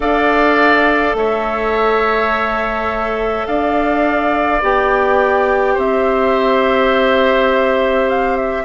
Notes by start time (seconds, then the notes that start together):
0.00 D4 A4 D5 F5
1.13 A3 C#5 E5
3.46 D4 D5 F5
4.62 B3 G4 G5
5.74 C4 C5 E5
8.09 F5
8.37 E5